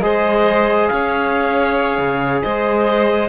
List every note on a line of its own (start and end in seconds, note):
0.00 0.89 G#3
0.00 3.29 G#4
0.00 0.91 C5
0.00 0.87 D#5
0.87 1.98 C#4
0.87 2.42 C#5
0.87 2.40 F5
1.98 2.42 C#3
2.42 3.29 G#3
2.42 3.29 C5
2.42 3.29 D#5